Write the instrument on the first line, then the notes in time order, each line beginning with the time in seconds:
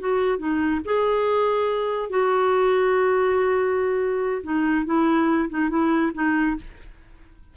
clarinet
0.00 F#4
0.39 D#4
0.85 G#4
2.10 F#4
4.44 D#4
4.86 E4
5.50 D#4
5.70 E4
6.14 D#4